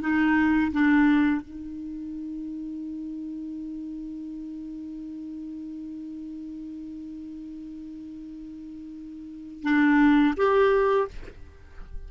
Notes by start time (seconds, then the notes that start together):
0.00 D#4
0.72 D4
1.42 D#4
9.63 D4
10.36 G4